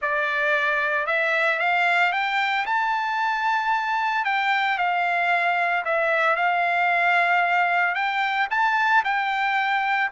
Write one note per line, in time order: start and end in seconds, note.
0.01 1.06 D5
1.06 1.59 E5
1.59 2.12 F5
2.12 2.65 G5
2.65 4.25 A5
4.25 4.77 G5
4.77 5.84 F5
5.85 6.36 E5
6.36 7.94 F5
7.94 8.47 G5
8.50 9.03 A5
9.04 10.10 G5